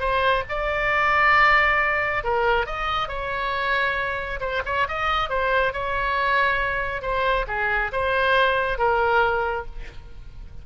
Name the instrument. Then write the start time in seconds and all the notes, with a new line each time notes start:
oboe
0.00 C5
0.49 D5
2.24 A#4
2.66 D#5
3.09 C#5
4.40 C5
4.66 C#5
4.89 D#5
5.30 C5
5.73 C#5
7.02 C5
7.48 G#4
7.92 C5
8.78 A#4